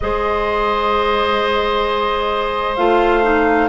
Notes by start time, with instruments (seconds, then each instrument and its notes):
0.00 bassoon G#3, clarinet G#4, oboe C5, flute D#5
2.76 bassoon A3, clarinet F4, flute F5
3.23 clarinet D#4